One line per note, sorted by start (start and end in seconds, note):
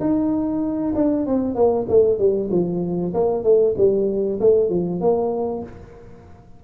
0.00 0.94 D#4
0.95 1.26 D4
1.26 1.55 C4
1.55 1.86 A#3
1.88 2.18 A3
2.18 2.49 G3
2.51 3.13 F3
3.14 3.43 A#3
3.43 3.74 A3
3.77 4.40 G3
4.40 4.69 A3
4.69 5.00 F3
5.00 5.63 A#3